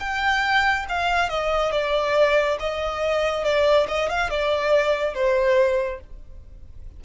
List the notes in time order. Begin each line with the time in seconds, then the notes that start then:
0.00 G5
0.89 F5
1.29 D#5
1.72 D5
2.59 D#5
3.44 D5
3.88 D#5
4.09 F5
4.30 D5
5.14 C5